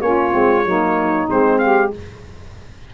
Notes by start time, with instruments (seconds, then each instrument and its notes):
0.00 tuba A#3, saxophone C#4 F4, trumpet C#5
0.31 tuba G#3, saxophone C4
0.65 tuba F#3, saxophone A#3 D#4
1.28 tuba G#3, saxophone C4, trumpet C5
1.59 saxophone G4, trumpet F5